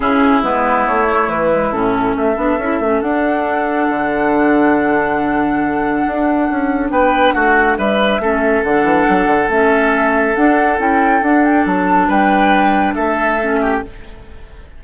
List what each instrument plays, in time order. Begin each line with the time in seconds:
0.00 bassoon C#3, clarinet C#4, oboe E4, flute G#4
0.42 bassoon G#3, clarinet B3, flute B4
0.86 bassoon A3, flute C#5
1.09 clarinet A3
1.28 bassoon E3, flute B4
1.52 clarinet G#3
1.71 bassoon A2, clarinet C#4, flute A4
2.16 bassoon A3, oboe A4, flute E5
2.36 bassoon B3, clarinet D4
2.58 bassoon C#4, clarinet E4
2.79 bassoon A3, clarinet C#4
3.01 bassoon D4, clarinet D4, flute F#5
3.89 bassoon D3
6.06 bassoon D4
6.50 bassoon C#4
6.90 bassoon B3, oboe B4, flute G5
7.32 bassoon A3, oboe F#4, flute F#5
7.77 bassoon G3, oboe B4, flute E5
8.19 bassoon A3, clarinet C#4, oboe A4
8.63 bassoon D3, clarinet D4, flute F#5
8.83 bassoon E3
9.08 bassoon F#3
9.26 bassoon D3
9.48 bassoon A3, clarinet C#4, flute E5
10.35 clarinet D4, bassoon D4, flute F#5
10.77 bassoon C#4, clarinet E4, flute G5
11.21 bassoon D4, clarinet D4, flute F#5
11.44 flute G5
11.65 bassoon F#3, flute A5
12.07 bassoon G3, oboe B4, flute G5
12.93 bassoon A3, oboe A4, flute E5
13.40 clarinet C#4
13.61 oboe G4